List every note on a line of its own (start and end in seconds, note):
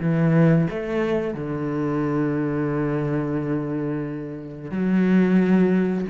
0.00 0.67 E3
0.70 1.34 A3
1.34 4.71 D3
4.71 6.06 F#3